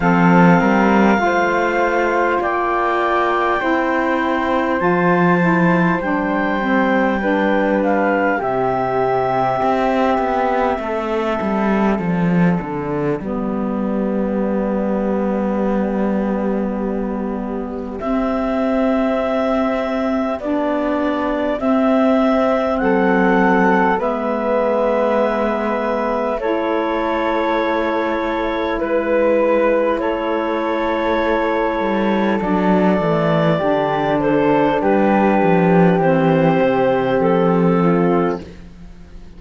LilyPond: <<
  \new Staff \with { instrumentName = "clarinet" } { \time 4/4 \tempo 4 = 50 f''2 g''2 | a''4 g''4. f''8 e''4~ | e''2 d''2~ | d''2. e''4~ |
e''4 d''4 e''4 fis''4 | e''2 cis''2 | b'4 cis''2 d''4~ | d''8 c''8 b'4 c''4 a'4 | }
  \new Staff \with { instrumentName = "flute" } { \time 4/4 a'8 ais'8 c''4 d''4 c''4~ | c''2 b'4 g'4~ | g'4 a'2 g'4~ | g'1~ |
g'2. a'4 | b'2 a'2 | b'4 a'2. | g'8 a'8 g'2~ g'8 f'8 | }
  \new Staff \with { instrumentName = "saxophone" } { \time 4/4 c'4 f'2 e'4 | f'8 e'8 d'8 c'8 d'4 c'4~ | c'2. b4~ | b2. c'4~ |
c'4 d'4 c'2 | b2 e'2~ | e'2. d'8 a8 | d'2 c'2 | }
  \new Staff \with { instrumentName = "cello" } { \time 4/4 f8 g8 a4 ais4 c'4 | f4 g2 c4 | c'8 b8 a8 g8 f8 d8 g4~ | g2. c'4~ |
c'4 b4 c'4 fis4 | gis2 a2 | gis4 a4. g8 fis8 e8 | d4 g8 f8 e8 c8 f4 | }
>>